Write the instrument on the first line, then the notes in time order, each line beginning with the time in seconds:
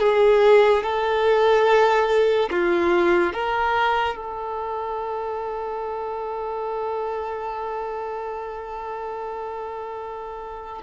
violin
0.00 G#4
0.83 A4
2.51 F4
3.34 A#4
4.16 A4